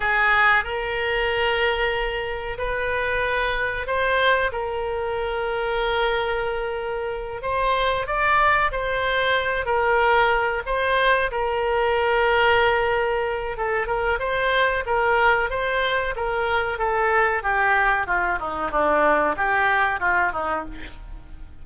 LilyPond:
\new Staff \with { instrumentName = "oboe" } { \time 4/4 \tempo 4 = 93 gis'4 ais'2. | b'2 c''4 ais'4~ | ais'2.~ ais'8 c''8~ | c''8 d''4 c''4. ais'4~ |
ais'8 c''4 ais'2~ ais'8~ | ais'4 a'8 ais'8 c''4 ais'4 | c''4 ais'4 a'4 g'4 | f'8 dis'8 d'4 g'4 f'8 dis'8 | }